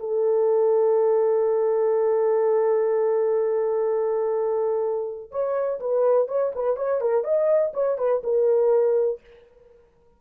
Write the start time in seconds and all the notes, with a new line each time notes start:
0.00 A4
5.32 C#5
5.80 B4
6.29 C#5
6.56 B4
6.77 C#5
7.01 A#4
7.24 D#5
7.74 C#5
7.98 B4
8.24 A#4